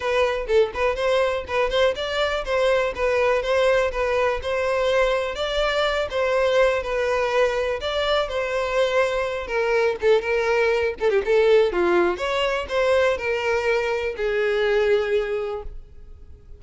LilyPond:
\new Staff \with { instrumentName = "violin" } { \time 4/4 \tempo 4 = 123 b'4 a'8 b'8 c''4 b'8 c''8 | d''4 c''4 b'4 c''4 | b'4 c''2 d''4~ | d''8 c''4. b'2 |
d''4 c''2~ c''8 ais'8~ | ais'8 a'8 ais'4. a'16 g'16 a'4 | f'4 cis''4 c''4 ais'4~ | ais'4 gis'2. | }